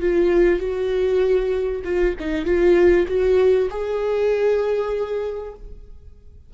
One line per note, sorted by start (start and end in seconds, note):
0.00 0.59 F4
0.59 1.82 F#4
1.84 2.15 F4
2.19 2.45 D#4
2.45 3.06 F4
3.08 3.69 F#4
3.70 5.54 G#4